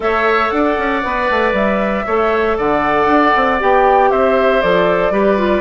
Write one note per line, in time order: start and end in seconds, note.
0.00 0.51 A3
0.00 1.02 A4
0.00 0.54 C#5
0.00 0.49 E5
0.49 0.77 D4
0.49 2.06 D5
0.49 1.52 F#5
0.77 1.03 C#4
1.02 1.29 B3
1.02 2.05 B4
1.30 1.52 A3
1.52 2.04 G3
1.52 2.57 E5
2.06 2.58 A3
2.06 3.59 A4
2.06 2.57 C#5
2.57 3.06 D3
2.57 4.10 D5
2.57 3.61 F#5
3.06 3.31 D4
3.35 3.61 C4
3.59 4.11 B3
3.59 4.62 G4
3.59 4.10 G5
4.10 4.62 C4
4.10 5.12 C5
4.10 4.61 E5
4.61 5.10 F3
4.61 5.12 A4
4.61 5.60 D5
5.10 5.60 G3
5.10 5.38 G4
5.10 5.60 B4
5.38 5.60 F4